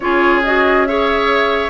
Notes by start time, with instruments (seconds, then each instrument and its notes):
0.00 bassoon C#4, clarinet F4, oboe G#4, flute C#5
0.43 clarinet F#4, flute D#5
0.86 clarinet G#4, oboe C#5, flute E5